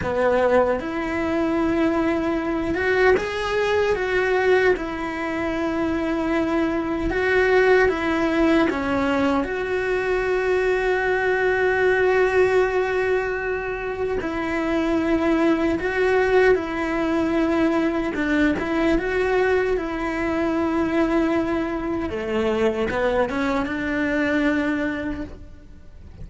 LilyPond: \new Staff \with { instrumentName = "cello" } { \time 4/4 \tempo 4 = 76 b4 e'2~ e'8 fis'8 | gis'4 fis'4 e'2~ | e'4 fis'4 e'4 cis'4 | fis'1~ |
fis'2 e'2 | fis'4 e'2 d'8 e'8 | fis'4 e'2. | a4 b8 cis'8 d'2 | }